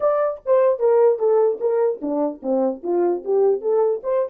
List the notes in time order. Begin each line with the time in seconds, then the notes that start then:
0.00 D5
0.45 C5
0.79 A#4
1.18 A4
1.60 A#4
2.01 D4
2.42 C4
2.83 F4
3.24 G4
3.61 A4
4.03 C5